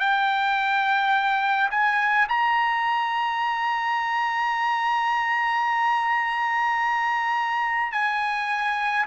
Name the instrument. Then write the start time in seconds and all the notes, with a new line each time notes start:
trumpet
0.00 G5
1.71 G#5
2.29 A#5
7.92 G#5